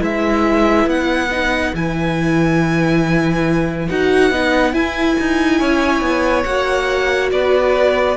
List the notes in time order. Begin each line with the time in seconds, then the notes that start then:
0.00 G#3 E4 B4 E5
0.86 B3 F#5
1.31 D#4
1.74 E3 E4 G#5
3.89 D#4 F#4 F#5
4.31 B3 D#4
4.73 E4 G#5
5.20 D#4
5.59 C#4 C#5
6.01 B3
6.44 A#3 F#4 F#5
7.32 B3 B4 D5